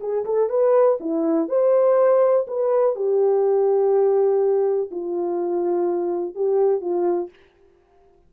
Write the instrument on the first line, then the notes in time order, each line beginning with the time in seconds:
horn
0.00 G#4
0.25 A4
0.49 B4
1.00 E4
1.49 C5
2.47 B4
2.95 G4
4.91 F4
6.35 G4
6.81 F4